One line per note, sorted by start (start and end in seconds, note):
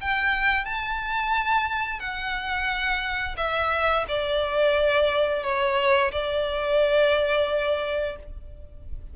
0.00 0.64 G5
0.64 1.99 A5
1.99 3.36 F#5
3.37 4.05 E5
4.08 5.43 D5
5.43 6.11 C#5
6.11 8.16 D5